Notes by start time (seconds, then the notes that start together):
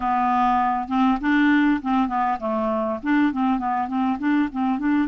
0.00 B3
0.88 C4
1.20 D4
1.82 C4
2.08 B3
2.39 A3
3.02 D4
3.32 C4
3.58 B3
3.88 C4
4.18 D4
4.52 C4
4.78 D4